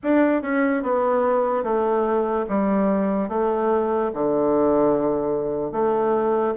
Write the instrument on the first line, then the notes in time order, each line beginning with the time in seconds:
bassoon
0.03 D4
0.41 C#4
0.82 B3
1.63 A3
2.48 G3
3.29 A3
4.14 D3
5.72 A3